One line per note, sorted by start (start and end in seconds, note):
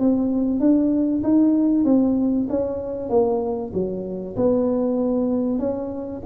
0.00 0.60 C4
0.60 1.23 D4
1.24 1.85 D#4
1.85 2.48 C4
2.50 3.10 C#4
3.10 3.72 A#3
3.74 4.36 F#3
4.37 5.60 B3
5.60 6.22 C#4